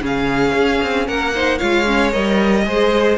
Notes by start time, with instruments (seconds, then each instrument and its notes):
0.00 cello C#3, viola C#4, violin G#4 F5
0.54 cello C#4
0.82 cello C4
1.07 cello A#3, violin A#4 F#5
1.34 viola D#4, violin C5
1.58 cello G#3, viola F4, violin C#5 F5
1.86 viola C#4
2.12 cello G3, viola A#4, violin D#5
2.63 cello G#3, viola G#4, violin C5